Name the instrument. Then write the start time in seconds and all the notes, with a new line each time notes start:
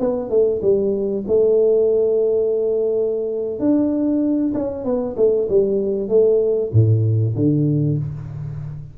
tuba
0.00 B3
0.30 A3
0.62 G3
1.28 A3
3.60 D4
4.55 C#4
4.85 B3
5.17 A3
5.49 G3
6.09 A3
6.73 A2
7.36 D3